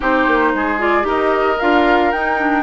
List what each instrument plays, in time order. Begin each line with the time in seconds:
0.00 bassoon C4, clarinet D#4, oboe G4, flute C5
0.27 bassoon A#3
0.54 bassoon G#3, oboe G#4
0.79 clarinet F4, flute D5
1.02 bassoon D#4, clarinet G4, oboe A#4
1.08 flute D#5
1.59 bassoon D4, clarinet F4, flute F5
2.11 bassoon D#4, clarinet D#4, flute G5
2.38 clarinet D4